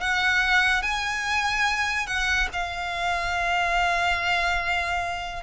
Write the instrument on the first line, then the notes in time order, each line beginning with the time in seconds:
violin
0.00 F#5
0.82 G#5
2.06 F#5
2.52 F5